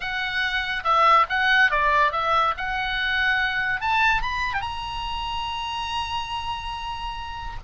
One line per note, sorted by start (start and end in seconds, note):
0.00 0.83 F#5
0.83 1.26 E5
1.29 1.70 F#5
1.70 2.12 D5
2.12 2.54 E5
2.57 3.80 F#5
3.80 4.22 A5
4.22 4.53 B5
4.53 4.61 G5
4.61 7.57 A#5